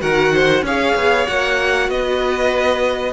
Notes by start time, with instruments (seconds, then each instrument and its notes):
0.00 cello D#3, viola F#4, violin A#4 F#5
0.33 violin C5
0.62 cello C#4, viola G#4, violin C#5 F5
0.95 cello B3
1.27 cello A#3, viola F#4, violin F#5
1.89 cello B3, violin B4 D#5